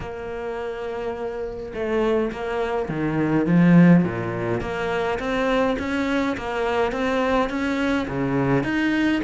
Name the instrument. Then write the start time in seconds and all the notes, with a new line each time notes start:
cello
0.00 A#3
1.74 A3
2.32 A#3
2.88 D#3
3.46 F3
4.04 A#2
4.60 A#3
5.19 C4
5.78 C#4
6.37 A#3
6.92 C4
7.49 C#4
8.07 C#3
8.63 D#4